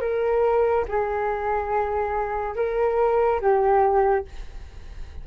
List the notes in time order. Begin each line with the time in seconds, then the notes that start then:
0.00 A#4
0.88 G#4
2.55 A#4
3.40 G4